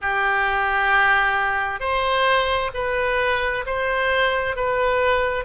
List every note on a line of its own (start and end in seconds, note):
0.01 1.79 G4
1.79 2.70 C5
2.74 3.64 B4
3.66 4.56 C5
4.56 5.45 B4